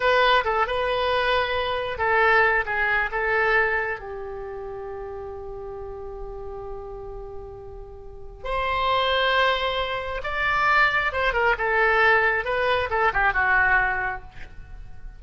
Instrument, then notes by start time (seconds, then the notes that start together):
oboe
0.00 B4
0.44 A4
0.66 B4
1.98 A4
2.65 G#4
3.11 A4
3.99 G4
8.43 C5
10.23 D5
11.12 C5
11.33 A#4
11.57 A4
12.44 B4
12.89 A4
13.13 G4
13.33 F#4